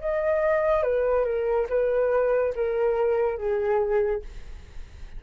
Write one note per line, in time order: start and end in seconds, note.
0.00 0.83 D#5
0.83 1.24 B4
1.24 1.67 A#4
1.69 2.54 B4
2.55 3.37 A#4
3.37 4.22 G#4